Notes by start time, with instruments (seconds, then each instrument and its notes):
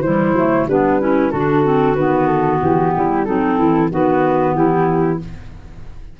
0.00 tuba E3, clarinet G3 E4, flute C5
0.34 tuba F#3, clarinet A3
0.67 tuba G3, clarinet B3 D4, flute B4
1.00 clarinet C#4 E4
1.31 tuba D3, clarinet D4 F#4, flute A4
1.64 clarinet C4
1.95 tuba D#3, clarinet B3, flute B4
2.26 flute A4
2.62 tuba E3, flute G4
2.95 tuba G3, clarinet E4
3.25 tuba F#3, clarinet C4 D#4, flute A4
3.57 tuba E3, clarinet E4
3.90 tuba D#3, clarinet B3 F#4, flute B4
4.54 tuba E3, clarinet E4, flute G4